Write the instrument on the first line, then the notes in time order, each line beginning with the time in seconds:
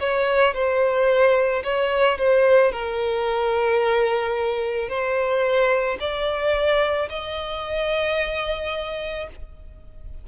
violin
0.00 C#5
0.55 C5
1.64 C#5
2.19 C5
2.72 A#4
4.89 C5
6.00 D5
7.10 D#5